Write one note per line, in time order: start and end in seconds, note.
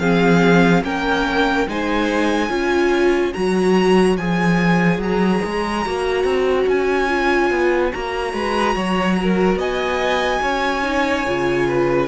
0.00 0.84 F3
0.00 0.84 C4
0.00 0.84 G#4
0.00 0.83 F5
0.84 1.67 A#3
0.84 1.67 C#4
0.84 1.68 A#4
0.84 1.68 G5
1.68 2.50 G#3
1.68 2.49 D#4
1.68 2.50 C5
1.68 3.34 G#5
2.49 3.34 C#4
2.49 3.33 F4
2.49 8.34 C#5
3.34 4.18 F#3
3.34 4.18 F#4
3.34 4.17 A#5
4.18 4.99 F3
4.18 5.86 G#4
4.18 5.01 G#5
4.99 5.40 F#3
4.99 6.69 A#5
5.45 5.87 G#3
5.86 6.24 A#3
5.86 7.09 F#4
6.24 6.66 C4
6.67 7.51 C#4
6.67 7.93 G#5
7.09 7.92 F4
7.51 7.92 B3
7.92 8.34 A#3
7.92 10.84 F#4
7.92 9.60 A#5
8.34 8.76 G#3
8.34 8.75 B4
8.76 9.56 F#3
8.76 9.17 C#5
9.22 9.59 A#4
9.56 10.39 B3
9.56 10.42 D#5
9.56 12.08 G#5
10.42 11.26 C#4
10.42 11.67 C#5
10.84 11.25 D#4
11.27 12.08 C#3
11.27 12.08 F4
11.69 12.08 B4